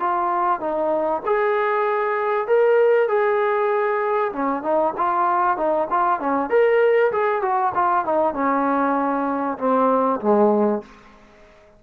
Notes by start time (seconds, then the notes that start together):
0.00 F4
0.60 D#4
1.26 G#4
2.47 A#4
3.08 G#4
4.33 C#4
4.63 D#4
4.97 F4
5.57 D#4
5.90 F4
6.20 C#4
6.50 A#4
7.12 G#4
7.42 F#4
7.75 F4
8.05 D#4
8.34 C#4
9.58 C4
10.20 G#3